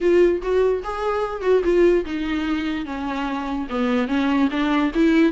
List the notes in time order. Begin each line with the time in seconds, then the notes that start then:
0.00 F4
0.42 F#4
0.83 G#4
1.41 F#4
1.63 F4
2.05 D#4
2.85 C#4
3.69 B3
4.07 C#4
4.50 D4
4.94 E4